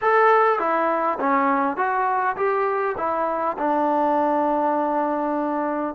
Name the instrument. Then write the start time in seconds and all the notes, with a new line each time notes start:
trombone
0.01 A4
0.59 E4
1.19 C#4
1.76 F#4
2.36 G4
2.97 E4
3.58 D4